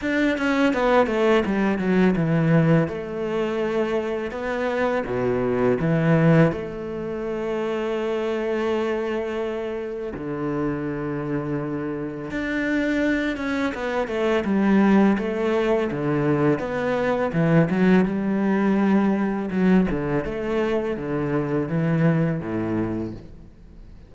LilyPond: \new Staff \with { instrumentName = "cello" } { \time 4/4 \tempo 4 = 83 d'8 cis'8 b8 a8 g8 fis8 e4 | a2 b4 b,4 | e4 a2.~ | a2 d2~ |
d4 d'4. cis'8 b8 a8 | g4 a4 d4 b4 | e8 fis8 g2 fis8 d8 | a4 d4 e4 a,4 | }